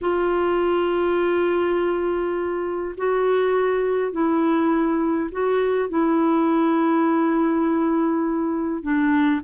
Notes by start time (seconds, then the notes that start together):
0.01 F4
2.97 F#4
4.12 E4
5.31 F#4
5.89 E4
8.82 D4